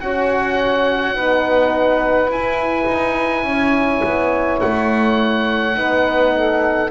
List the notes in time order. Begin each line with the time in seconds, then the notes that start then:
0.00 C#4 F#4 C#5 F#5
1.14 B3 D#4 B4
2.27 E4 G#5
2.86 D#4
3.43 C#4 C#5
4.03 B3
4.60 A3 F#5
5.74 B3 D#4 B4
6.34 A4